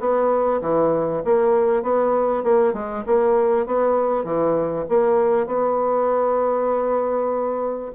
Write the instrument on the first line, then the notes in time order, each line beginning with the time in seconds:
bassoon
0.00 B3
0.62 E3
1.25 A#3
1.83 B3
2.44 A#3
2.74 G#3
3.07 A#3
3.67 B3
4.24 E3
4.90 A#3
5.47 B3